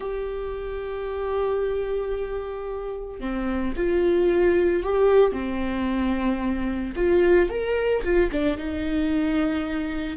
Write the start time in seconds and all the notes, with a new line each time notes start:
0.00 G4
3.19 C4
3.76 F4
4.83 G4
5.32 C4
6.96 F4
7.49 A#4
8.03 F4
8.31 D4
8.57 D#4